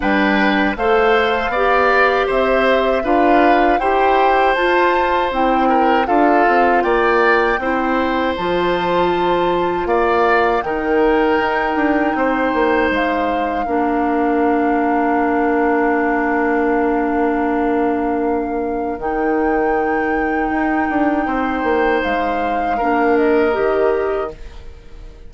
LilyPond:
<<
  \new Staff \with { instrumentName = "flute" } { \time 4/4 \tempo 4 = 79 g''4 f''2 e''4 | f''4 g''4 a''4 g''4 | f''4 g''2 a''4~ | a''4 f''4 g''2~ |
g''4 f''2.~ | f''1~ | f''4 g''2.~ | g''4 f''4. dis''4. | }
  \new Staff \with { instrumentName = "oboe" } { \time 4/4 b'4 c''4 d''4 c''4 | b'4 c''2~ c''8 ais'8 | a'4 d''4 c''2~ | c''4 d''4 ais'2 |
c''2 ais'2~ | ais'1~ | ais'1 | c''2 ais'2 | }
  \new Staff \with { instrumentName = "clarinet" } { \time 4/4 d'4 a'4 g'2 | f'4 g'4 f'4 e'4 | f'2 e'4 f'4~ | f'2 dis'2~ |
dis'2 d'2~ | d'1~ | d'4 dis'2.~ | dis'2 d'4 g'4 | }
  \new Staff \with { instrumentName = "bassoon" } { \time 4/4 g4 a4 b4 c'4 | d'4 e'4 f'4 c'4 | d'8 c'8 ais4 c'4 f4~ | f4 ais4 dis4 dis'8 d'8 |
c'8 ais8 gis4 ais2~ | ais1~ | ais4 dis2 dis'8 d'8 | c'8 ais8 gis4 ais4 dis4 | }
>>